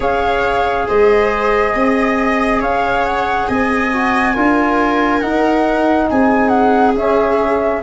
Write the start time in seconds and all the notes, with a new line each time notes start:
0.00 C#4 G#4 C#5 F5
0.87 G#3 C5 D#5
1.74 C4 D#5
2.60 C#4 C#5 F5
3.04 F#5
3.47 C4 D#5 G#5
3.92 F#4
4.33 D4 F4 A#4
5.20 D#4 F#5
6.10 C4 G#4 G#5
6.48 F#5
6.95 C#4 E5